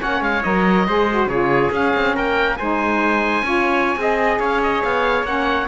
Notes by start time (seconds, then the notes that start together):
0.00 A#3 C#4 C#5 F#5
0.21 G#3 F5
0.44 F#3 A#4 D#5
0.88 G#3 G#4 C5
1.11 F#4
1.27 C#3 F4 G#4 C#5
1.71 C#4 F5
1.97 C4
2.15 A#3 A#4 G5
2.57 G#3 D#4 C5 G#5
3.43 C#4 F4 C#5
3.96 C4 G#4 D#5
4.40 C#4 C#5 F5
4.63 D#5
4.83 B3 F5
5.24 A#3 C#4 F#5